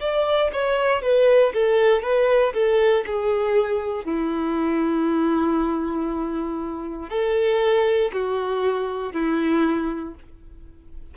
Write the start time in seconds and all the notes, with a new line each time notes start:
0.00 D5
0.53 C#5
1.02 B4
1.54 A4
2.02 B4
2.54 A4
3.06 G#4
4.05 E4
7.10 A4
8.13 F#4
9.13 E4